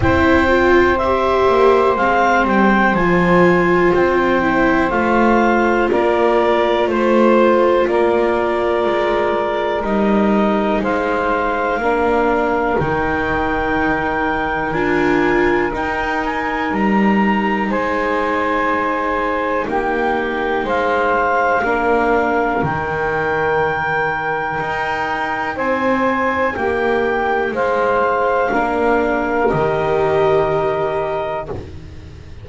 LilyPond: <<
  \new Staff \with { instrumentName = "clarinet" } { \time 4/4 \tempo 4 = 61 g''4 e''4 f''8 g''8 gis''4 | g''4 f''4 d''4 c''4 | d''2 dis''4 f''4~ | f''4 g''2 gis''4 |
g''8 gis''8 ais''4 gis''2 | g''4 f''2 g''4~ | g''2 gis''4 g''4 | f''2 dis''2 | }
  \new Staff \with { instrumentName = "saxophone" } { \time 4/4 c''1~ | c''2 ais'4 c''4 | ais'2. c''4 | ais'1~ |
ais'2 c''2 | g'4 c''4 ais'2~ | ais'2 c''4 g'4 | c''4 ais'2. | }
  \new Staff \with { instrumentName = "viola" } { \time 4/4 e'8 f'8 g'4 c'4 f'4~ | f'8 e'8 f'2.~ | f'2 dis'2 | d'4 dis'2 f'4 |
dis'1~ | dis'2 d'4 dis'4~ | dis'1~ | dis'4 d'4 g'2 | }
  \new Staff \with { instrumentName = "double bass" } { \time 4/4 c'4. ais8 gis8 g8 f4 | c'4 a4 ais4 a4 | ais4 gis4 g4 gis4 | ais4 dis2 d'4 |
dis'4 g4 gis2 | ais4 gis4 ais4 dis4~ | dis4 dis'4 c'4 ais4 | gis4 ais4 dis2 | }
>>